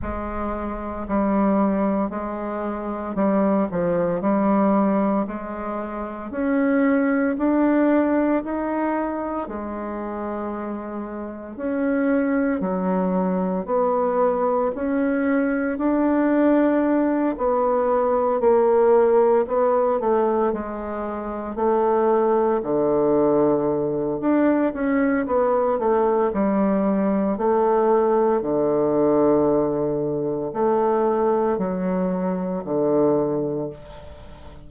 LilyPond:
\new Staff \with { instrumentName = "bassoon" } { \time 4/4 \tempo 4 = 57 gis4 g4 gis4 g8 f8 | g4 gis4 cis'4 d'4 | dis'4 gis2 cis'4 | fis4 b4 cis'4 d'4~ |
d'8 b4 ais4 b8 a8 gis8~ | gis8 a4 d4. d'8 cis'8 | b8 a8 g4 a4 d4~ | d4 a4 fis4 d4 | }